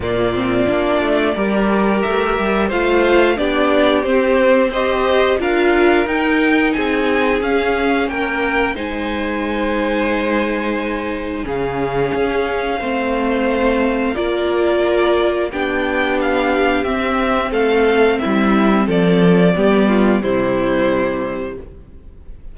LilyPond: <<
  \new Staff \with { instrumentName = "violin" } { \time 4/4 \tempo 4 = 89 d''2. e''4 | f''4 d''4 c''4 dis''4 | f''4 g''4 gis''4 f''4 | g''4 gis''2.~ |
gis''4 f''2.~ | f''4 d''2 g''4 | f''4 e''4 f''4 e''4 | d''2 c''2 | }
  \new Staff \with { instrumentName = "violin" } { \time 4/4 f'2 ais'2 | c''4 g'2 c''4 | ais'2 gis'2 | ais'4 c''2.~ |
c''4 gis'2 c''4~ | c''4 ais'2 g'4~ | g'2 a'4 e'4 | a'4 g'8 f'8 e'2 | }
  \new Staff \with { instrumentName = "viola" } { \time 4/4 ais8 c'8 d'4 g'2 | f'4 d'4 c'4 g'4 | f'4 dis'2 cis'4~ | cis'4 dis'2.~ |
dis'4 cis'2 c'4~ | c'4 f'2 d'4~ | d'4 c'2.~ | c'4 b4 g2 | }
  \new Staff \with { instrumentName = "cello" } { \time 4/4 ais,4 ais8 a8 g4 a8 g8 | a4 b4 c'2 | d'4 dis'4 c'4 cis'4 | ais4 gis2.~ |
gis4 cis4 cis'4 a4~ | a4 ais2 b4~ | b4 c'4 a4 g4 | f4 g4 c2 | }
>>